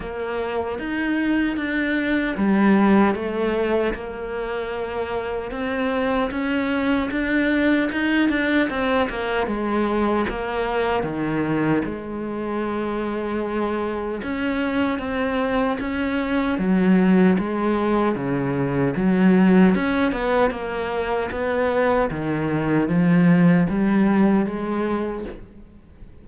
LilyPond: \new Staff \with { instrumentName = "cello" } { \time 4/4 \tempo 4 = 76 ais4 dis'4 d'4 g4 | a4 ais2 c'4 | cis'4 d'4 dis'8 d'8 c'8 ais8 | gis4 ais4 dis4 gis4~ |
gis2 cis'4 c'4 | cis'4 fis4 gis4 cis4 | fis4 cis'8 b8 ais4 b4 | dis4 f4 g4 gis4 | }